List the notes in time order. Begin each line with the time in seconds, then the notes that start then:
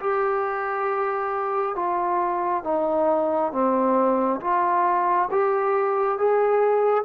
0.00 G4
1.76 F4
2.64 D#4
3.53 C4
4.41 F4
5.31 G4
6.18 G#4